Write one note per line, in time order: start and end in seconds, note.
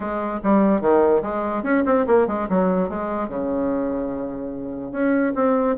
0.00 0.39 G#3
0.43 0.81 G3
0.81 1.22 D#3
1.22 1.63 G#3
1.63 1.83 C#4
1.85 2.06 C4
2.06 2.27 A#3
2.27 2.48 G#3
2.49 2.89 F#3
2.89 3.28 G#3
3.28 4.91 C#3
4.91 5.33 C#4
5.35 5.76 C4